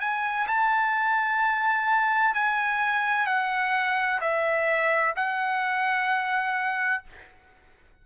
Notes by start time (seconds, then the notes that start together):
0.00 G#5
0.48 A5
2.35 G#5
3.26 F#5
4.21 E5
5.16 F#5